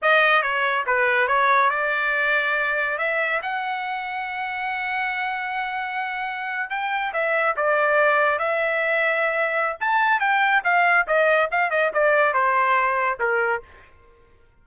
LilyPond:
\new Staff \with { instrumentName = "trumpet" } { \time 4/4 \tempo 4 = 141 dis''4 cis''4 b'4 cis''4 | d''2. e''4 | fis''1~ | fis''2.~ fis''8. g''16~ |
g''8. e''4 d''2 e''16~ | e''2. a''4 | g''4 f''4 dis''4 f''8 dis''8 | d''4 c''2 ais'4 | }